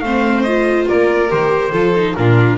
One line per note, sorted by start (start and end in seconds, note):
0.00 0.87 A3
0.00 0.47 C4
0.00 0.88 C5
0.00 0.43 F5
0.43 1.29 F4
0.43 0.85 D#5
0.88 1.32 A#3
0.88 1.71 A#4
0.88 1.31 D5
1.29 1.72 D#3
1.29 1.71 G4
1.29 2.16 C5
1.71 2.15 F3
1.71 1.94 F4
1.71 2.14 A4
1.96 2.17 D#4
2.16 2.58 A#2
2.16 2.58 D4
2.16 2.58 F4
2.16 2.58 A#4